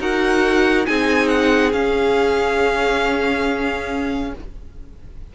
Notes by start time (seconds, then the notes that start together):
0.00 D#4 F#4 A#4 F#5
0.86 C4 D#4 G#4 G#5
1.28 F#5
1.73 C#4 F5